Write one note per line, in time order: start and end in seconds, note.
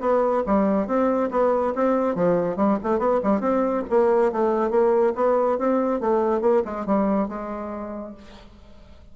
0.00 0.43 B3
0.46 0.87 G3
0.87 1.30 C4
1.31 1.73 B3
1.75 2.15 C4
2.15 2.56 F3
2.56 2.78 G3
2.83 2.99 A3
2.99 3.20 B3
3.23 3.40 G3
3.40 3.83 C4
3.90 4.32 A#3
4.32 4.70 A3
4.70 5.13 A#3
5.15 5.58 B3
5.58 6.00 C4
6.00 6.41 A3
6.41 6.63 A#3
6.65 6.86 G#3
6.86 7.28 G3
7.28 8.14 G#3